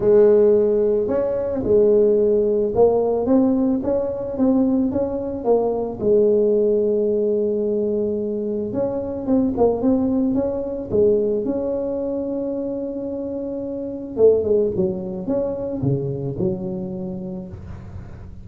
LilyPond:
\new Staff \with { instrumentName = "tuba" } { \time 4/4 \tempo 4 = 110 gis2 cis'4 gis4~ | gis4 ais4 c'4 cis'4 | c'4 cis'4 ais4 gis4~ | gis1 |
cis'4 c'8 ais8 c'4 cis'4 | gis4 cis'2.~ | cis'2 a8 gis8 fis4 | cis'4 cis4 fis2 | }